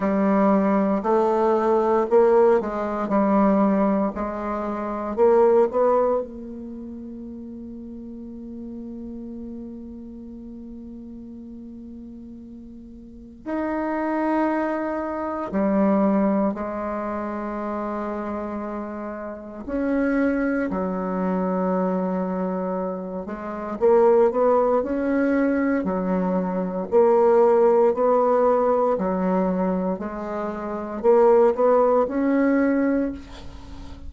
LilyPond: \new Staff \with { instrumentName = "bassoon" } { \time 4/4 \tempo 4 = 58 g4 a4 ais8 gis8 g4 | gis4 ais8 b8 ais2~ | ais1~ | ais4 dis'2 g4 |
gis2. cis'4 | fis2~ fis8 gis8 ais8 b8 | cis'4 fis4 ais4 b4 | fis4 gis4 ais8 b8 cis'4 | }